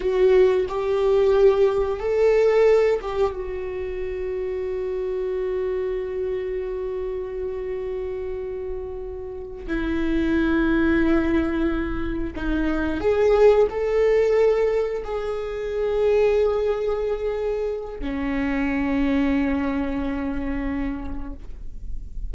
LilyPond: \new Staff \with { instrumentName = "viola" } { \time 4/4 \tempo 4 = 90 fis'4 g'2 a'4~ | a'8 g'8 fis'2.~ | fis'1~ | fis'2~ fis'8 e'4.~ |
e'2~ e'8 dis'4 gis'8~ | gis'8 a'2 gis'4.~ | gis'2. cis'4~ | cis'1 | }